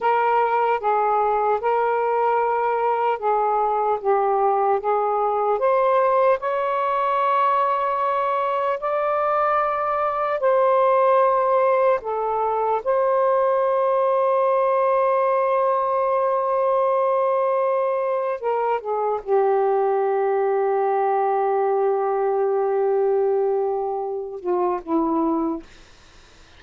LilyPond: \new Staff \with { instrumentName = "saxophone" } { \time 4/4 \tempo 4 = 75 ais'4 gis'4 ais'2 | gis'4 g'4 gis'4 c''4 | cis''2. d''4~ | d''4 c''2 a'4 |
c''1~ | c''2. ais'8 gis'8 | g'1~ | g'2~ g'8 f'8 e'4 | }